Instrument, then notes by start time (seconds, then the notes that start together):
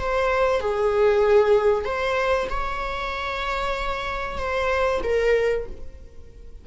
viola
0.00 C5
0.60 G#4
1.85 C5
2.50 C#5
4.38 C5
5.03 A#4